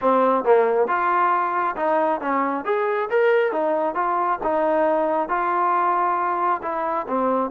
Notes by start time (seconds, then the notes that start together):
0.01 C4
0.44 A#3
0.87 F4
1.76 D#4
2.21 C#4
2.65 G#4
3.09 A#4
3.52 D#4
3.95 F4
4.43 D#4
5.29 F4
6.62 E4
7.08 C4